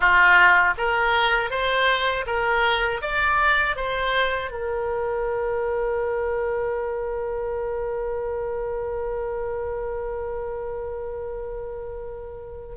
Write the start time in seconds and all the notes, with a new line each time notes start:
0.00 F4
0.77 A#4
1.50 C5
2.26 A#4
3.01 D5
3.76 C5
4.50 A#4